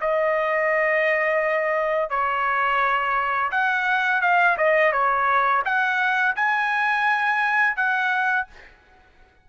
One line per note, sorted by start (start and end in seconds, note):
0.00 2.09 D#5
2.09 3.50 C#5
3.51 4.21 F#5
4.21 4.56 F5
4.57 4.92 D#5
4.92 5.62 C#5
5.64 6.35 F#5
6.36 7.76 G#5
7.76 8.46 F#5